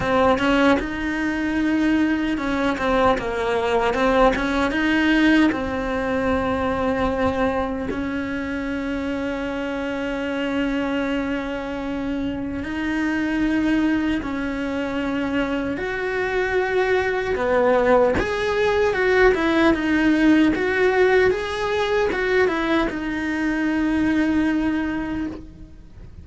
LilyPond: \new Staff \with { instrumentName = "cello" } { \time 4/4 \tempo 4 = 76 c'8 cis'8 dis'2 cis'8 c'8 | ais4 c'8 cis'8 dis'4 c'4~ | c'2 cis'2~ | cis'1 |
dis'2 cis'2 | fis'2 b4 gis'4 | fis'8 e'8 dis'4 fis'4 gis'4 | fis'8 e'8 dis'2. | }